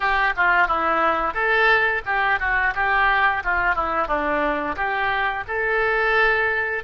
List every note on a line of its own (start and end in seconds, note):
0.00 0.33 G4
0.36 0.67 F4
0.67 1.34 E4
1.34 2.02 A4
2.05 2.39 G4
2.39 2.73 F#4
2.75 3.43 G4
3.44 3.75 F4
3.75 4.07 E4
4.07 4.75 D4
4.75 5.44 G4
5.47 6.83 A4